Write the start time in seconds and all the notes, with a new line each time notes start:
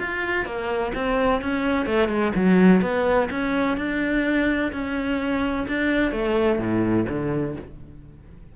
0.00 F4
0.46 A#3
0.94 C4
1.42 C#4
1.86 A3
2.09 G#3
2.35 F#3
2.82 B3
3.31 C#4
3.78 D4
4.73 C#4
5.68 D4
6.12 A3
6.59 A2
7.09 D3